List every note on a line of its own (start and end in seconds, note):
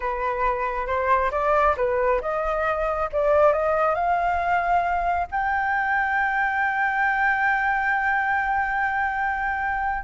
0.00 0.86 B4
0.86 1.30 C5
1.31 1.75 D5
1.76 2.21 B4
2.21 3.09 D#5
3.12 3.52 D5
3.52 3.94 D#5
3.94 5.27 F5
5.31 10.04 G5